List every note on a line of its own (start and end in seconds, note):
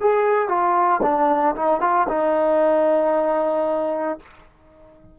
0.00 0.48 G#4
0.48 1.00 F4
1.02 1.55 D4
1.56 1.81 D#4
1.81 2.07 F4
2.08 4.19 D#4